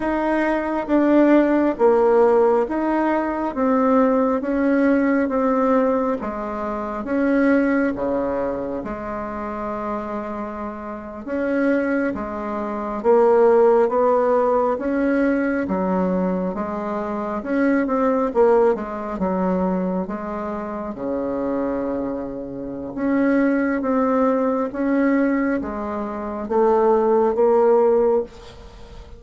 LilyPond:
\new Staff \with { instrumentName = "bassoon" } { \time 4/4 \tempo 4 = 68 dis'4 d'4 ais4 dis'4 | c'4 cis'4 c'4 gis4 | cis'4 cis4 gis2~ | gis8. cis'4 gis4 ais4 b16~ |
b8. cis'4 fis4 gis4 cis'16~ | cis'16 c'8 ais8 gis8 fis4 gis4 cis16~ | cis2 cis'4 c'4 | cis'4 gis4 a4 ais4 | }